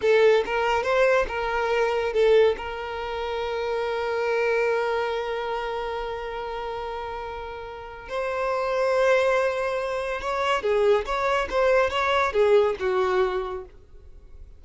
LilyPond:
\new Staff \with { instrumentName = "violin" } { \time 4/4 \tempo 4 = 141 a'4 ais'4 c''4 ais'4~ | ais'4 a'4 ais'2~ | ais'1~ | ais'1~ |
ais'2. c''4~ | c''1 | cis''4 gis'4 cis''4 c''4 | cis''4 gis'4 fis'2 | }